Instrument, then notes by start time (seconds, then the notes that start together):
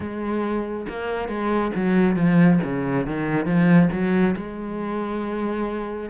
cello
0.00 G#3
0.88 A#3
1.28 G#3
1.75 F#3
2.16 F3
2.63 C#3
3.06 D#3
3.45 F3
3.91 F#3
4.36 G#3